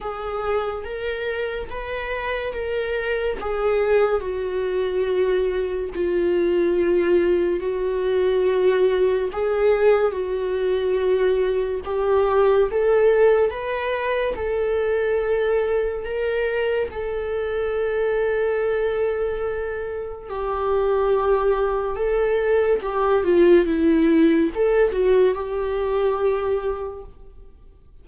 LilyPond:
\new Staff \with { instrumentName = "viola" } { \time 4/4 \tempo 4 = 71 gis'4 ais'4 b'4 ais'4 | gis'4 fis'2 f'4~ | f'4 fis'2 gis'4 | fis'2 g'4 a'4 |
b'4 a'2 ais'4 | a'1 | g'2 a'4 g'8 f'8 | e'4 a'8 fis'8 g'2 | }